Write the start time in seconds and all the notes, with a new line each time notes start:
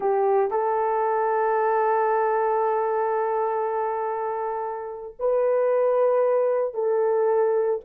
0.00 G4
0.50 A4
5.19 B4
6.73 A4